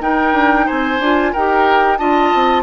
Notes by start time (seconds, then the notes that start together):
0.00 D#4 A#4 G5
0.33 D4
0.66 C4 C5 G#5
0.99 D4 F4
1.32 D#4 G4 A#4 G5
1.97 D4 F4 D#5 A5
2.34 C4